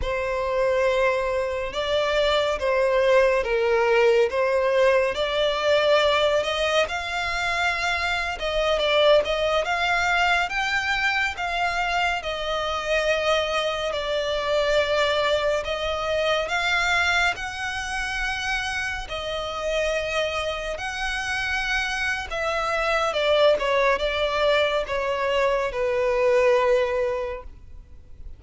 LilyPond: \new Staff \with { instrumentName = "violin" } { \time 4/4 \tempo 4 = 70 c''2 d''4 c''4 | ais'4 c''4 d''4. dis''8 | f''4.~ f''16 dis''8 d''8 dis''8 f''8.~ | f''16 g''4 f''4 dis''4.~ dis''16~ |
dis''16 d''2 dis''4 f''8.~ | f''16 fis''2 dis''4.~ dis''16~ | dis''16 fis''4.~ fis''16 e''4 d''8 cis''8 | d''4 cis''4 b'2 | }